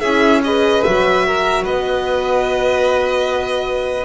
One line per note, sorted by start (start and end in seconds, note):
0.00 0.83 C#4
0.00 0.44 E4
0.00 0.41 G#4
0.00 0.41 E5
0.44 0.84 G#4
0.44 1.26 B4
0.44 0.83 D#5
0.83 1.66 F#3
0.83 4.05 F#4
0.83 1.64 E5
1.26 1.63 A#4
1.63 4.05 B3
1.63 4.05 B4
1.63 4.05 D#5